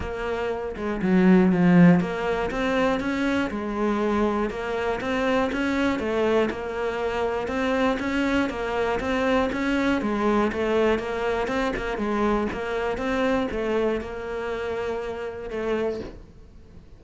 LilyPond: \new Staff \with { instrumentName = "cello" } { \time 4/4 \tempo 4 = 120 ais4. gis8 fis4 f4 | ais4 c'4 cis'4 gis4~ | gis4 ais4 c'4 cis'4 | a4 ais2 c'4 |
cis'4 ais4 c'4 cis'4 | gis4 a4 ais4 c'8 ais8 | gis4 ais4 c'4 a4 | ais2. a4 | }